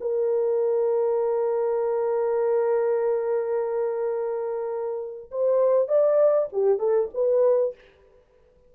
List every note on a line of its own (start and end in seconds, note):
0.00 5.30 A#4
5.31 5.88 C5
5.88 6.48 D5
6.52 6.79 G4
6.79 7.09 A4
7.14 7.75 B4